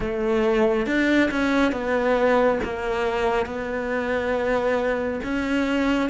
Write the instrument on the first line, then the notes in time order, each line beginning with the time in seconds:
cello
0.00 A3
0.86 D4
1.30 C#4
1.72 B3
2.63 A#3
3.46 B3
5.23 C#4